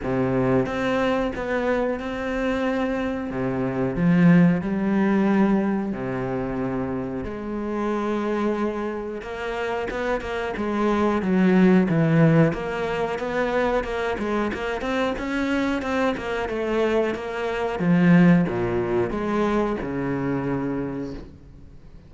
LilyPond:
\new Staff \with { instrumentName = "cello" } { \time 4/4 \tempo 4 = 91 c4 c'4 b4 c'4~ | c'4 c4 f4 g4~ | g4 c2 gis4~ | gis2 ais4 b8 ais8 |
gis4 fis4 e4 ais4 | b4 ais8 gis8 ais8 c'8 cis'4 | c'8 ais8 a4 ais4 f4 | ais,4 gis4 cis2 | }